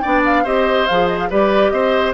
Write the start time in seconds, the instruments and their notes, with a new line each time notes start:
0.00 bassoon B3, clarinet D4, oboe D5, flute G5
0.26 flute F5
0.44 bassoon C4, clarinet G4, oboe C5, flute D#5
0.87 bassoon F3, clarinet G#4, flute F5
1.08 flute D#5
1.19 flute F5
1.30 bassoon G3, clarinet G4, oboe B4, flute D5
1.70 bassoon C4, oboe C5, flute D#5